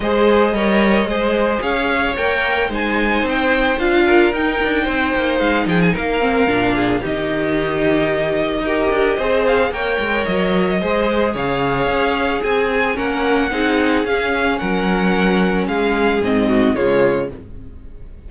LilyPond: <<
  \new Staff \with { instrumentName = "violin" } { \time 4/4 \tempo 4 = 111 dis''2. f''4 | g''4 gis''4 g''4 f''4 | g''2 f''8 g''16 gis''16 f''4~ | f''4 dis''2.~ |
dis''4. f''8 g''4 dis''4~ | dis''4 f''2 gis''4 | fis''2 f''4 fis''4~ | fis''4 f''4 dis''4 cis''4 | }
  \new Staff \with { instrumentName = "violin" } { \time 4/4 c''4 cis''4 c''4 cis''4~ | cis''4 c''2~ c''8 ais'8~ | ais'4 c''4. gis'8 ais'4~ | ais'8 gis'8 g'2. |
ais'4 c''4 cis''2 | c''4 cis''2 gis'4 | ais'4 gis'2 ais'4~ | ais'4 gis'4. fis'8 f'4 | }
  \new Staff \with { instrumentName = "viola" } { \time 4/4 gis'4 ais'4 gis'2 | ais'4 dis'2 f'4 | dis'2.~ dis'8 c'8 | d'4 dis'2. |
g'4 gis'4 ais'2 | gis'1 | cis'4 dis'4 cis'2~ | cis'2 c'4 gis4 | }
  \new Staff \with { instrumentName = "cello" } { \time 4/4 gis4 g4 gis4 cis'4 | ais4 gis4 c'4 d'4 | dis'8 d'8 c'8 ais8 gis8 f8 ais4 | ais,4 dis2. |
dis'8 d'8 c'4 ais8 gis8 fis4 | gis4 cis4 cis'4 c'4 | ais4 c'4 cis'4 fis4~ | fis4 gis4 gis,4 cis4 | }
>>